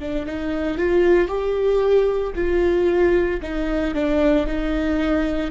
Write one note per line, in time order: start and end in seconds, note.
0.00 0.26 D4
0.26 0.78 D#4
0.78 1.29 F4
1.29 2.34 G4
2.35 3.41 F4
3.42 3.95 D#4
3.95 4.47 D4
4.47 5.51 D#4